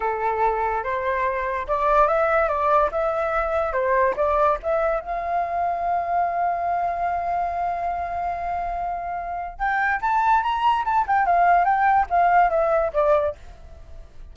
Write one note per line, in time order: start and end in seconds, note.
0.00 0.83 A4
0.83 1.67 C5
1.67 2.07 D5
2.07 2.48 E5
2.48 2.90 D5
2.91 3.72 E5
3.72 4.14 C5
4.16 4.58 D5
4.62 5.00 E5
5.00 9.58 F5
9.58 10.00 G5
10.01 10.42 A5
10.42 10.84 A#5
10.84 11.05 A5
11.07 11.25 G5
11.25 11.64 F5
11.64 12.06 G5
12.10 12.50 F5
12.50 12.91 E5
12.93 13.35 D5